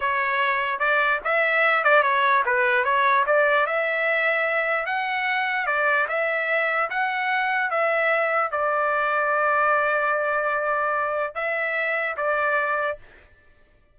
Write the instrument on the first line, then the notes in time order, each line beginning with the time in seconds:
trumpet
0.00 C#5
0.79 D5
1.24 E5
1.84 D5
2.02 C#5
2.45 B4
2.84 C#5
3.26 D5
3.66 E5
4.86 F#5
5.66 D5
6.08 E5
6.89 F#5
7.70 E5
8.51 D5
11.35 E5
12.16 D5